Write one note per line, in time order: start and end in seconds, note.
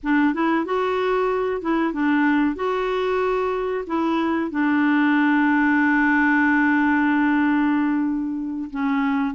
0.03 0.33 D4
0.33 0.65 E4
0.65 1.61 F#4
1.61 1.93 E4
1.93 2.55 D4
2.55 3.84 F#4
3.86 4.50 E4
4.50 8.70 D4
8.70 9.34 C#4